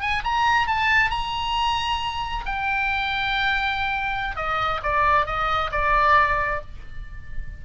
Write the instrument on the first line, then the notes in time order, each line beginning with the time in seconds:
oboe
0.00 G#5
0.24 A#5
0.67 A5
1.10 A#5
2.45 G5
4.36 D#5
4.82 D5
5.26 D#5
5.71 D5